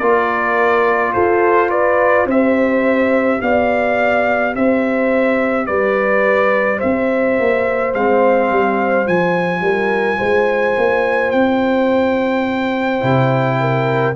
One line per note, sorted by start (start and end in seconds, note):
0.00 1.14 A#3
0.00 2.28 F4
0.00 1.14 A#4
0.00 1.13 D5
1.14 2.26 F4
1.14 1.71 A4
1.14 1.70 C5
1.71 2.27 B4
1.71 2.27 D5
2.26 3.39 C4
2.26 7.94 G4
2.26 3.40 C5
2.26 3.42 E5
3.42 4.55 B3
3.42 4.57 D5
3.42 4.55 F5
4.56 5.69 C4
4.56 5.68 C5
4.56 5.67 E5
5.67 6.82 G3
5.67 6.78 B4
5.67 6.80 D5
6.78 7.40 C4
6.78 9.61 C5
6.78 7.94 E5
7.40 7.95 A#3
7.95 8.51 G#3
7.95 9.05 C4
7.95 9.08 F5
8.51 9.08 G3
9.05 9.62 F3
9.05 13.01 F4
9.05 11.32 G#5
9.62 10.18 G3
9.62 10.18 A#4
10.18 10.77 G#3
10.18 13.58 C5
10.78 11.33 A#3
11.32 13.03 C4
11.32 14.15 G5
13.01 14.17 C3
13.01 14.14 E4
13.61 14.17 A#4